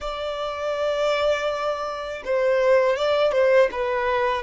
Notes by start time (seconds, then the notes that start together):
0.00 D5
2.24 C5
2.96 D5
3.32 C5
3.71 B4